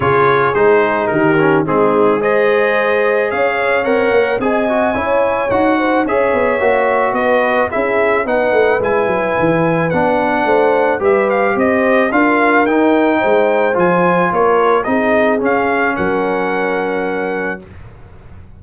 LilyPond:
<<
  \new Staff \with { instrumentName = "trumpet" } { \time 4/4 \tempo 4 = 109 cis''4 c''4 ais'4 gis'4 | dis''2 f''4 fis''4 | gis''2 fis''4 e''4~ | e''4 dis''4 e''4 fis''4 |
gis''2 fis''2 | e''8 f''8 dis''4 f''4 g''4~ | g''4 gis''4 cis''4 dis''4 | f''4 fis''2. | }
  \new Staff \with { instrumentName = "horn" } { \time 4/4 gis'2 g'4 dis'4 | c''2 cis''2 | dis''4 cis''4. c''8 cis''4~ | cis''4 b'4 gis'4 b'4~ |
b'2. c''4 | b'4 c''4 ais'2 | c''2 ais'4 gis'4~ | gis'4 ais'2. | }
  \new Staff \with { instrumentName = "trombone" } { \time 4/4 f'4 dis'4. cis'8 c'4 | gis'2. ais'4 | gis'8 fis'8 e'4 fis'4 gis'4 | fis'2 e'4 dis'4 |
e'2 d'2 | g'2 f'4 dis'4~ | dis'4 f'2 dis'4 | cis'1 | }
  \new Staff \with { instrumentName = "tuba" } { \time 4/4 cis4 gis4 dis4 gis4~ | gis2 cis'4 c'8 ais8 | c'4 cis'4 dis'4 cis'8 b8 | ais4 b4 cis'4 b8 a8 |
gis8 fis8 e4 b4 a4 | g4 c'4 d'4 dis'4 | gis4 f4 ais4 c'4 | cis'4 fis2. | }
>>